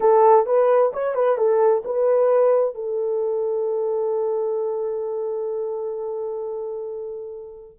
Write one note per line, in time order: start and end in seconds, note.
0.00 0.46 A4
0.46 0.91 B4
0.93 1.15 C#5
1.15 1.37 B4
1.37 1.83 A4
1.84 2.74 B4
2.74 7.78 A4